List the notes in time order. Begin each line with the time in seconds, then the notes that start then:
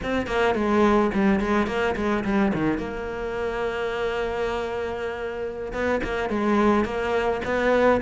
0.02 C4
0.27 A#3
0.54 G#3
1.14 G3
1.39 G#3
1.67 A#3
1.96 G#3
2.24 G3
2.53 D#3
2.78 A#3
5.72 B3
6.03 A#3
6.29 G#3
6.85 A#3
7.44 B3